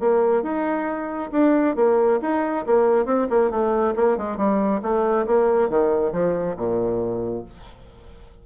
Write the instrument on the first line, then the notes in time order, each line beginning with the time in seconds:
bassoon
0.00 A#3
0.43 D#4
1.32 D4
1.76 A#3
2.22 D#4
2.67 A#3
3.06 C4
3.30 A#3
3.51 A3
3.96 A#3
4.17 G#3
4.37 G3
4.82 A3
5.27 A#3
5.70 D#3
6.12 F3
6.57 A#2